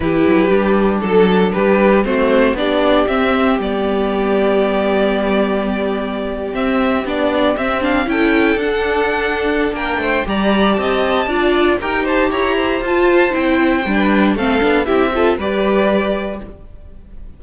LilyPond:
<<
  \new Staff \with { instrumentName = "violin" } { \time 4/4 \tempo 4 = 117 b'2 a'4 b'4 | c''4 d''4 e''4 d''4~ | d''1~ | d''8. e''4 d''4 e''8 f''8 g''16~ |
g''8. fis''2~ fis''16 g''4 | ais''4 a''2 g''8 a''8 | ais''4 a''4 g''2 | f''4 e''4 d''2 | }
  \new Staff \with { instrumentName = "violin" } { \time 4/4 g'2 a'4 g'4 | fis'4 g'2.~ | g'1~ | g'2.~ g'8. a'16~ |
a'2. ais'8 c''8 | d''4 dis''4 d''4 ais'8 c''8 | cis''8 c''2~ c''8. b'8. | a'4 g'8 a'8 b'2 | }
  \new Staff \with { instrumentName = "viola" } { \time 4/4 e'4 d'2. | c'4 d'4 c'4 b4~ | b1~ | b8. c'4 d'4 c'8 d'8 e'16~ |
e'8. d'2.~ d'16 | g'2 f'4 g'4~ | g'4 f'4 e'4 d'4 | c'8 d'8 e'8 f'8 g'2 | }
  \new Staff \with { instrumentName = "cello" } { \time 4/4 e8 fis8 g4 fis4 g4 | a4 b4 c'4 g4~ | g1~ | g8. c'4 b4 c'4 cis'16~ |
cis'8. d'2~ d'16 ais8 a8 | g4 c'4 d'4 dis'4 | e'4 f'4 c'4 g4 | a8 b8 c'4 g2 | }
>>